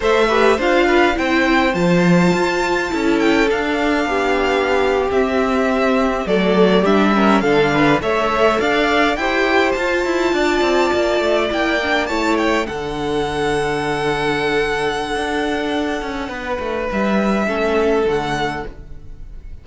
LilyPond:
<<
  \new Staff \with { instrumentName = "violin" } { \time 4/4 \tempo 4 = 103 e''4 f''4 g''4 a''4~ | a''4. g''8 f''2~ | f''8. e''2 d''4 e''16~ | e''8. f''4 e''4 f''4 g''16~ |
g''8. a''2. g''16~ | g''8. a''8 g''8 fis''2~ fis''16~ | fis''1~ | fis''4 e''2 fis''4 | }
  \new Staff \with { instrumentName = "violin" } { \time 4/4 c''8 b'8 c''8 b'8 c''2~ | c''4 a'2 g'4~ | g'2~ g'8. a'4 g'16~ | g'16 ais'8 a'8 b'8 cis''4 d''4 c''16~ |
c''4.~ c''16 d''2~ d''16~ | d''8. cis''4 a'2~ a'16~ | a'1 | b'2 a'2 | }
  \new Staff \with { instrumentName = "viola" } { \time 4/4 a'8 g'8 f'4 e'4 f'4~ | f'4 e'4 d'2~ | d'8. c'2 a4 d'16~ | d'16 cis'8 d'4 a'2 g'16~ |
g'8. f'2. e'16~ | e'16 d'8 e'4 d'2~ d'16~ | d'1~ | d'2 cis'4 a4 | }
  \new Staff \with { instrumentName = "cello" } { \time 4/4 a4 d'4 c'4 f4 | f'4 cis'4 d'4 b4~ | b8. c'2 fis4 g16~ | g8. d4 a4 d'4 e'16~ |
e'8. f'8 e'8 d'8 c'8 ais8 a8 ais16~ | ais8. a4 d2~ d16~ | d2 d'4. cis'8 | b8 a8 g4 a4 d4 | }
>>